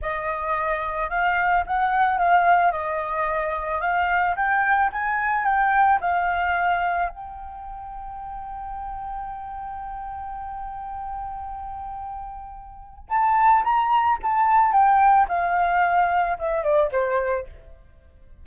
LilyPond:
\new Staff \with { instrumentName = "flute" } { \time 4/4 \tempo 4 = 110 dis''2 f''4 fis''4 | f''4 dis''2 f''4 | g''4 gis''4 g''4 f''4~ | f''4 g''2.~ |
g''1~ | g''1 | a''4 ais''4 a''4 g''4 | f''2 e''8 d''8 c''4 | }